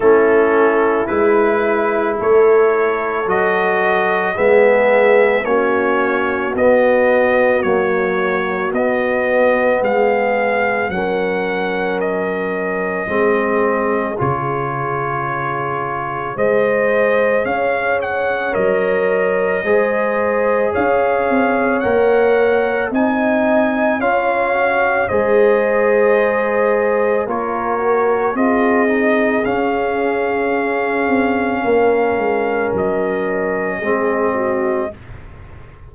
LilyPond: <<
  \new Staff \with { instrumentName = "trumpet" } { \time 4/4 \tempo 4 = 55 a'4 b'4 cis''4 dis''4 | e''4 cis''4 dis''4 cis''4 | dis''4 f''4 fis''4 dis''4~ | dis''4 cis''2 dis''4 |
f''8 fis''8 dis''2 f''4 | fis''4 gis''4 f''4 dis''4~ | dis''4 cis''4 dis''4 f''4~ | f''2 dis''2 | }
  \new Staff \with { instrumentName = "horn" } { \time 4/4 e'2 a'2 | gis'4 fis'2.~ | fis'4 gis'4 ais'2 | gis'2. c''4 |
cis''2 c''4 cis''4~ | cis''4 dis''4 cis''4 c''4~ | c''4 ais'4 gis'2~ | gis'4 ais'2 gis'8 fis'8 | }
  \new Staff \with { instrumentName = "trombone" } { \time 4/4 cis'4 e'2 fis'4 | b4 cis'4 b4 fis4 | b2 cis'2 | c'4 f'2 gis'4~ |
gis'4 ais'4 gis'2 | ais'4 dis'4 f'8 fis'8 gis'4~ | gis'4 f'8 fis'8 f'8 dis'8 cis'4~ | cis'2. c'4 | }
  \new Staff \with { instrumentName = "tuba" } { \time 4/4 a4 gis4 a4 fis4 | gis4 ais4 b4 ais4 | b4 gis4 fis2 | gis4 cis2 gis4 |
cis'4 fis4 gis4 cis'8 c'8 | ais4 c'4 cis'4 gis4~ | gis4 ais4 c'4 cis'4~ | cis'8 c'8 ais8 gis8 fis4 gis4 | }
>>